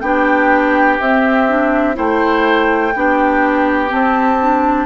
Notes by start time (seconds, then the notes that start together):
0.00 B3 D4 G4 G5
0.99 C4 E5
1.49 D4
1.94 A3 E4 C5 G5
2.95 B3 D4 G4
3.88 C4 A5
4.41 D4